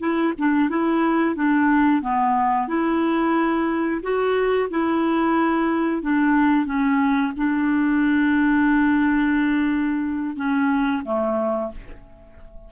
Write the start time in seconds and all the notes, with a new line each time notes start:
0.00 E4
0.38 D4
0.69 E4
1.35 D4
2.02 B3
2.68 E4
4.02 F#4
4.70 E4
6.02 D4
6.66 C#4
7.37 D4
10.36 C#4
11.05 A3